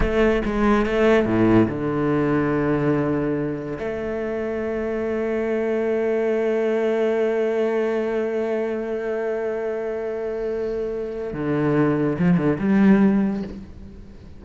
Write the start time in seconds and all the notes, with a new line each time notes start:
0.00 A3
0.45 G#3
0.86 A3
1.25 A2
1.68 D3
3.79 A3
11.33 D3
12.18 F3
12.37 D3
12.58 G3